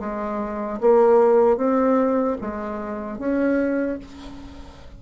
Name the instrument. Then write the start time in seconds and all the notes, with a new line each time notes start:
bassoon
0.00 G#3
0.81 A#3
1.57 C4
2.41 G#3
3.19 C#4